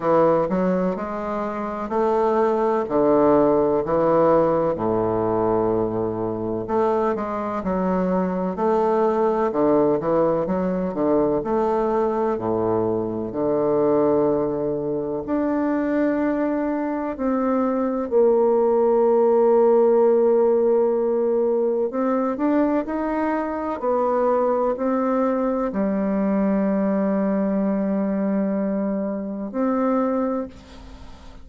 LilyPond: \new Staff \with { instrumentName = "bassoon" } { \time 4/4 \tempo 4 = 63 e8 fis8 gis4 a4 d4 | e4 a,2 a8 gis8 | fis4 a4 d8 e8 fis8 d8 | a4 a,4 d2 |
d'2 c'4 ais4~ | ais2. c'8 d'8 | dis'4 b4 c'4 g4~ | g2. c'4 | }